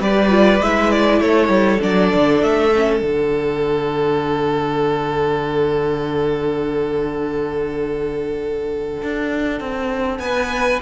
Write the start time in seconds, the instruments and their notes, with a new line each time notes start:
0.00 cello G3, viola G4, violin B4 D5
0.29 viola F4
0.60 cello G#3, viola E4, violin E5
0.91 violin D5
1.20 cello A3, violin A4 C#5
1.49 cello G3
1.81 cello F#3, viola D4, violin D5
2.15 cello D3
2.42 cello A3, violin E5
2.75 viola C#4
3.00 cello D3, viola D4, violin F#5
9.03 cello D4
9.60 cello C4
10.19 cello B3, violin B4 G#5